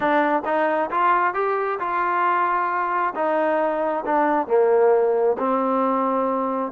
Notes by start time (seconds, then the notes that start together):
0.00 D4
0.45 D#4
0.91 F4
1.34 G4
1.79 F4
3.15 D#4
4.05 D4
4.47 A#3
5.38 C4